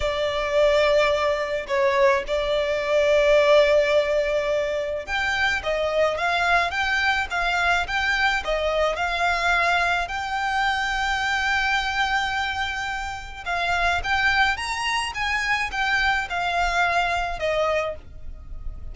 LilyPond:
\new Staff \with { instrumentName = "violin" } { \time 4/4 \tempo 4 = 107 d''2. cis''4 | d''1~ | d''4 g''4 dis''4 f''4 | g''4 f''4 g''4 dis''4 |
f''2 g''2~ | g''1 | f''4 g''4 ais''4 gis''4 | g''4 f''2 dis''4 | }